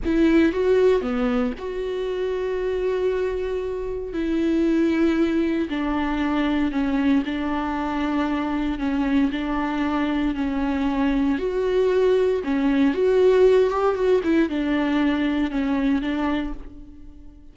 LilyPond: \new Staff \with { instrumentName = "viola" } { \time 4/4 \tempo 4 = 116 e'4 fis'4 b4 fis'4~ | fis'1 | e'2. d'4~ | d'4 cis'4 d'2~ |
d'4 cis'4 d'2 | cis'2 fis'2 | cis'4 fis'4. g'8 fis'8 e'8 | d'2 cis'4 d'4 | }